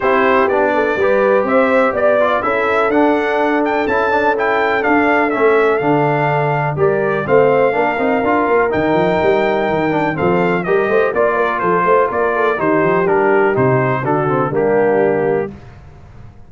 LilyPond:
<<
  \new Staff \with { instrumentName = "trumpet" } { \time 4/4 \tempo 4 = 124 c''4 d''2 e''4 | d''4 e''4 fis''4. g''8 | a''4 g''4 f''4 e''4 | f''2 d''4 f''4~ |
f''2 g''2~ | g''4 f''4 dis''4 d''4 | c''4 d''4 c''4 ais'4 | c''4 a'4 g'2 | }
  \new Staff \with { instrumentName = "horn" } { \time 4/4 g'4. a'8 b'4 c''4 | d''4 a'2.~ | a'1~ | a'2 ais'4 c''4 |
ais'1~ | ais'4 a'4 ais'8 c''8 d''8 ais'8 | a'8 c''8 ais'8 a'8 g'2~ | g'4 fis'4 d'2 | }
  \new Staff \with { instrumentName = "trombone" } { \time 4/4 e'4 d'4 g'2~ | g'8 f'8 e'4 d'2 | e'8 d'8 e'4 d'4 cis'4 | d'2 g'4 c'4 |
d'8 dis'8 f'4 dis'2~ | dis'8 d'8 c'4 g'4 f'4~ | f'2 dis'4 d'4 | dis'4 d'8 c'8 ais2 | }
  \new Staff \with { instrumentName = "tuba" } { \time 4/4 c'4 b4 g4 c'4 | b4 cis'4 d'2 | cis'2 d'4 a4 | d2 g4 a4 |
ais8 c'8 d'8 ais8 dis8 f8 g4 | dis4 f4 g8 a8 ais4 | f8 a8 ais4 dis8 f8 g4 | c4 d4 g2 | }
>>